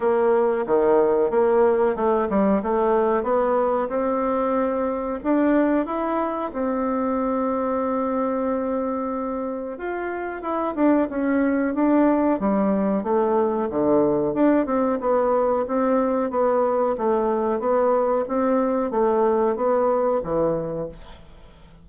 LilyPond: \new Staff \with { instrumentName = "bassoon" } { \time 4/4 \tempo 4 = 92 ais4 dis4 ais4 a8 g8 | a4 b4 c'2 | d'4 e'4 c'2~ | c'2. f'4 |
e'8 d'8 cis'4 d'4 g4 | a4 d4 d'8 c'8 b4 | c'4 b4 a4 b4 | c'4 a4 b4 e4 | }